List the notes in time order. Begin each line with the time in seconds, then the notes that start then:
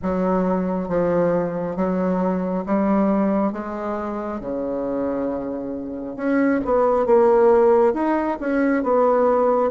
0.02 F#3
0.88 F3
1.76 F#3
2.66 G3
3.52 G#3
4.40 C#3
6.16 C#4
6.64 B3
7.06 A#3
7.93 D#4
8.40 C#4
8.83 B3